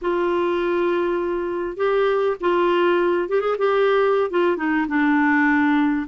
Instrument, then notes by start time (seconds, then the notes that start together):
clarinet
0.01 F4
1.77 G4
2.40 F4
3.28 G4
3.41 G#4
3.58 G4
4.30 F4
4.56 D#4
4.88 D4